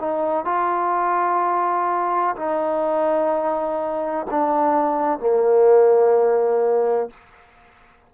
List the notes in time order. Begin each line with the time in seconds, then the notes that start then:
0.00 D#4
0.45 F4
2.36 D#4
4.30 D4
5.19 A#3